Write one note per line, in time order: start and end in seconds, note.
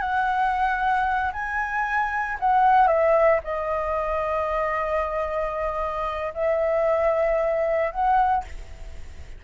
0.00 1.32 F#5
1.32 2.38 G#5
2.40 2.87 F#5
2.87 3.40 E5
3.44 6.33 D#5
6.34 7.91 E5
7.91 8.44 F#5